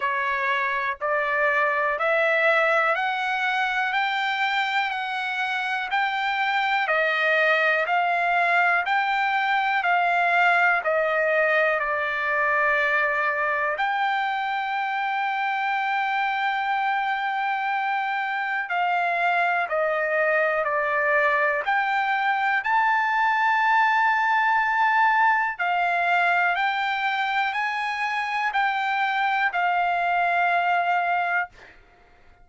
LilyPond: \new Staff \with { instrumentName = "trumpet" } { \time 4/4 \tempo 4 = 61 cis''4 d''4 e''4 fis''4 | g''4 fis''4 g''4 dis''4 | f''4 g''4 f''4 dis''4 | d''2 g''2~ |
g''2. f''4 | dis''4 d''4 g''4 a''4~ | a''2 f''4 g''4 | gis''4 g''4 f''2 | }